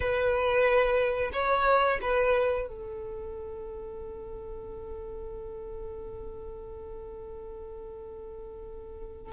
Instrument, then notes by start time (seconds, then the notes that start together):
violin
0.00 B4
1.32 C#5
2.01 B4
2.68 A4